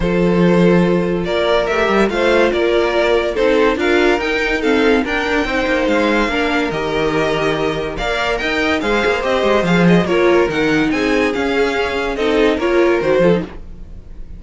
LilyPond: <<
  \new Staff \with { instrumentName = "violin" } { \time 4/4 \tempo 4 = 143 c''2. d''4 | e''4 f''4 d''2 | c''4 f''4 g''4 f''4 | g''2 f''2 |
dis''2. f''4 | g''4 f''4 dis''4 f''8 dis''8 | cis''4 fis''4 gis''4 f''4~ | f''4 dis''4 cis''4 c''4 | }
  \new Staff \with { instrumentName = "violin" } { \time 4/4 a'2. ais'4~ | ais'4 c''4 ais'2 | a'4 ais'2 a'4 | ais'4 c''2 ais'4~ |
ais'2. d''4 | dis''4 c''2. | ais'2 gis'2~ | gis'4 a'4 ais'4. a'8 | }
  \new Staff \with { instrumentName = "viola" } { \time 4/4 f'1 | g'4 f'2. | dis'4 f'4 dis'4 c'4 | d'4 dis'2 d'4 |
g'2. ais'4~ | ais'4 gis'4 g'4 gis'4 | f'4 dis'2 cis'4~ | cis'4 dis'4 f'4 fis'8 f'16 dis'16 | }
  \new Staff \with { instrumentName = "cello" } { \time 4/4 f2. ais4 | a8 g8 a4 ais2 | c'4 d'4 dis'2 | d'4 c'8 ais8 gis4 ais4 |
dis2. ais4 | dis'4 gis8 ais8 c'8 gis8 f4 | ais4 dis4 c'4 cis'4~ | cis'4 c'4 ais4 dis8 f8 | }
>>